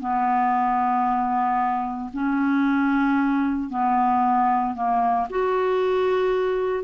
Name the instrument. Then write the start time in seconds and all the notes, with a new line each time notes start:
clarinet
0.00 B3
2.13 C#4
3.70 B3
4.75 A#3
5.30 F#4